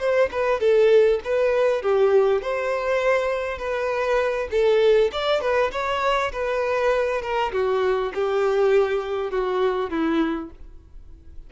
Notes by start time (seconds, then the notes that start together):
0.00 C5
0.32 B4
0.61 A4
1.25 B4
1.83 G4
2.42 C5
3.59 B4
4.52 A4
5.13 D5
5.41 B4
5.72 C#5
6.32 B4
7.22 A#4
7.53 F#4
8.15 G4
9.31 F#4
9.91 E4